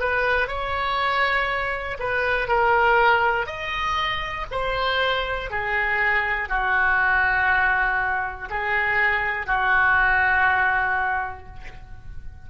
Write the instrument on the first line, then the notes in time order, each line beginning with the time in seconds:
oboe
0.00 B4
0.48 C#5
1.99 B4
2.48 A#4
3.47 D#5
4.51 C5
5.50 G#4
6.49 F#4
8.50 G#4
9.47 F#4